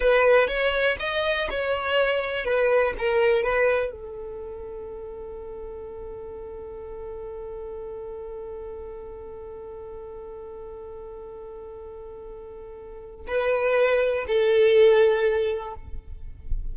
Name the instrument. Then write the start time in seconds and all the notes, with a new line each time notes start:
violin
0.00 B4
0.47 C#5
0.99 D#5
1.50 C#5
2.44 B4
2.98 A#4
3.43 B4
3.91 A4
13.27 B4
14.27 A4